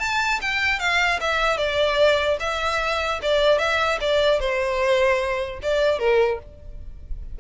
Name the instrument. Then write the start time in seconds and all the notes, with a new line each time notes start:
violin
0.00 A5
0.42 G5
0.80 F5
1.21 E5
1.58 D5
2.40 E5
3.23 D5
3.59 E5
4.01 D5
4.40 C5
5.63 D5
6.00 A#4